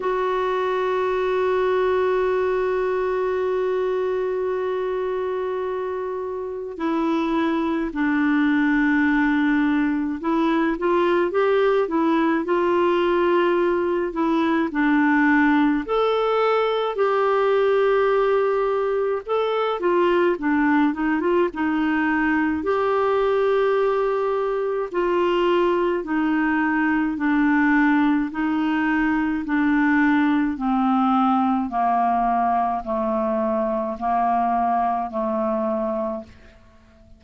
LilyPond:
\new Staff \with { instrumentName = "clarinet" } { \time 4/4 \tempo 4 = 53 fis'1~ | fis'2 e'4 d'4~ | d'4 e'8 f'8 g'8 e'8 f'4~ | f'8 e'8 d'4 a'4 g'4~ |
g'4 a'8 f'8 d'8 dis'16 f'16 dis'4 | g'2 f'4 dis'4 | d'4 dis'4 d'4 c'4 | ais4 a4 ais4 a4 | }